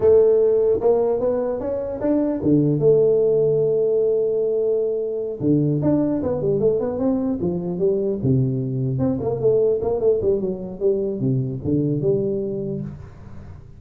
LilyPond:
\new Staff \with { instrumentName = "tuba" } { \time 4/4 \tempo 4 = 150 a2 ais4 b4 | cis'4 d'4 d4 a4~ | a1~ | a4. d4 d'4 b8 |
g8 a8 b8 c'4 f4 g8~ | g8 c2 c'8 ais8 a8~ | a8 ais8 a8 g8 fis4 g4 | c4 d4 g2 | }